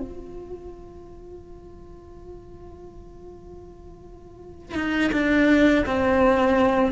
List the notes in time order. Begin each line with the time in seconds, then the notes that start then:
0.00 F4
4.75 D#4
5.13 D4
5.87 C4